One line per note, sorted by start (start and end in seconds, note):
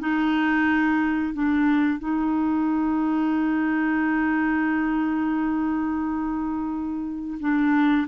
0.00 1.33 D#4
1.33 1.99 D4
1.99 7.38 D#4
7.40 8.07 D4